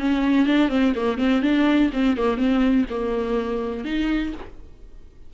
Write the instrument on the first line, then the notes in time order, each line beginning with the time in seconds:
viola
0.00 C#4
0.47 D4
0.70 C4
0.96 A#3
1.18 C4
1.43 D4
1.93 C4
2.18 A#3
2.38 C4
2.90 A#3
3.85 D#4